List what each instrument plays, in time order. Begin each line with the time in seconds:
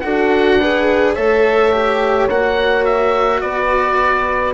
0.00 bassoon D4, cello F#4, horn A4, oboe F#5
0.59 cello G#4, horn B4
1.14 bassoon A3, cello A4, horn C#5, oboe E5
1.72 cello G4
2.28 bassoon A#3, cello F#4, oboe F#5
2.85 oboe E5
3.41 bassoon B3, horn B4, oboe D5